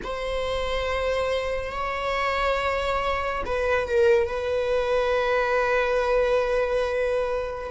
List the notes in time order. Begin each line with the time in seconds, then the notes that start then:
0.04 C5
1.71 C#5
3.45 B4
3.86 A#4
4.27 B4